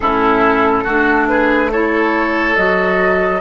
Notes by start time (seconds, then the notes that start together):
0.00 A2 C#4 E4 A4
0.84 A3 D4 F#4
1.28 G#4 B4
1.71 E4 A4 C#5
2.56 F#3 F#4 D#5